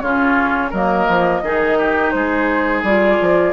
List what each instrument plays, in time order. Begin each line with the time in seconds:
0.00 bassoon C#3, clarinet C#4, oboe F4, flute C#5
0.71 bassoon F#3, clarinet A#3, oboe A#4, flute D#5
1.08 bassoon F3
1.42 bassoon D#3, clarinet D#4, oboe G#4
1.78 oboe G4
2.11 bassoon G#3, oboe G#4, flute C5
2.83 bassoon G3, clarinet F4, flute D5
3.21 bassoon F3